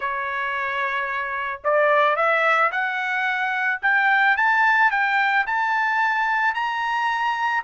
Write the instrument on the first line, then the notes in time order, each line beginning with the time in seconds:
trumpet
0.00 C#5
1.64 D5
2.16 E5
2.71 F#5
3.82 G5
4.36 A5
4.91 G5
5.46 A5
6.54 A#5